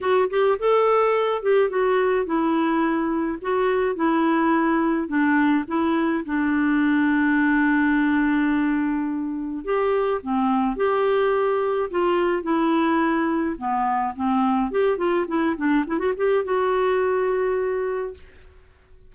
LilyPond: \new Staff \with { instrumentName = "clarinet" } { \time 4/4 \tempo 4 = 106 fis'8 g'8 a'4. g'8 fis'4 | e'2 fis'4 e'4~ | e'4 d'4 e'4 d'4~ | d'1~ |
d'4 g'4 c'4 g'4~ | g'4 f'4 e'2 | b4 c'4 g'8 f'8 e'8 d'8 | e'16 fis'16 g'8 fis'2. | }